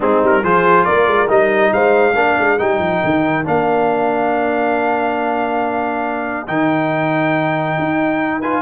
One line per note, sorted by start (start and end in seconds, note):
0.00 0.22 G#3
0.00 0.43 C4
0.00 0.42 D#4
0.00 0.23 G#4
0.22 0.43 G3
0.22 0.44 A#4
0.42 0.86 F3
0.42 1.27 F4
0.42 0.85 G#4
0.42 0.85 C5
0.85 1.06 A#3
0.85 1.71 A#4
0.85 1.28 D5
1.06 1.28 G#3
1.27 1.72 G3
1.27 2.13 D#4
1.27 1.73 D#5
1.72 2.14 G#3
1.72 2.15 C5
1.72 2.58 F5
2.14 2.36 A#3
2.14 2.58 D4
2.14 8.39 A#4
2.38 2.60 G#3
2.58 2.79 G3
2.58 3.44 D#4
2.58 3.45 G5
2.79 3.00 F3
3.04 3.46 D#3
3.44 6.47 A#3
3.44 6.46 D4
3.44 6.47 F5
6.47 7.77 D#3
6.47 8.42 D#4
6.47 8.41 G5
7.78 8.61 D#4
8.39 8.61 F4
8.39 8.61 B4
8.39 8.61 G#5